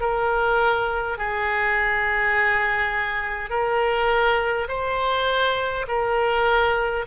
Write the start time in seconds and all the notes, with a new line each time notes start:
0.00 A#4
1.18 G#4
3.49 A#4
4.68 C5
5.87 A#4